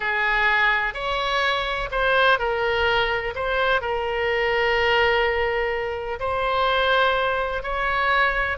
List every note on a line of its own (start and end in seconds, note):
0.00 0.94 G#4
0.94 1.89 C#5
1.91 2.38 C5
2.38 3.34 A#4
3.35 3.81 C5
3.81 6.19 A#4
6.19 7.62 C5
7.63 8.57 C#5